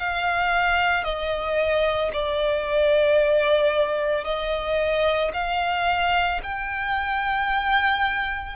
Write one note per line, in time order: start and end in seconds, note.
0.00 1.04 F5
1.04 2.11 D#5
2.13 4.25 D5
4.25 5.32 D#5
5.34 6.41 F5
6.43 8.57 G5